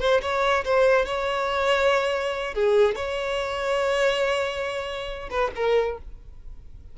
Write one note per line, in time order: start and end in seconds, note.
0.00 0.21 C5
0.22 0.65 C#5
0.65 1.06 C5
1.06 2.55 C#5
2.55 2.96 G#4
2.96 5.30 C#5
5.31 5.52 B4
5.56 5.98 A#4